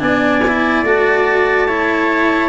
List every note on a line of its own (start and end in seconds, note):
0.00 0.83 B3
0.00 0.42 D4
0.00 1.68 D5
0.00 0.84 G#5
0.48 0.86 E4
0.83 2.49 A3
0.83 1.69 F#4
0.83 2.49 A5
1.68 2.49 E4
1.68 2.49 C#5